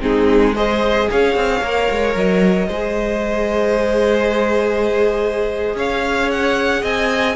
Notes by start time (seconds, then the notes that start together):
0.00 G#3 C4 D#4 G#4
0.55 G#4 C5 D#5
1.10 C#4 C#5 F5
1.35 C4
1.60 A#3 A#4
1.91 G#3
2.15 F#3 D#5
2.67 G#3 G#4 C5
5.74 C#4 C#5 F5
6.31 F#5
6.82 C4 D#5 G#5